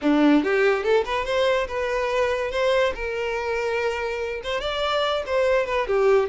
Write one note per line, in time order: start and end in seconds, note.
0.01 0.43 D4
0.43 0.83 G4
0.83 1.04 A4
1.04 1.25 B4
1.25 1.67 C5
1.67 2.51 B4
2.51 2.93 C5
2.94 4.41 A#4
4.43 4.60 C5
4.60 5.23 D5
5.26 5.66 C5
5.66 5.87 B4
5.87 6.29 G4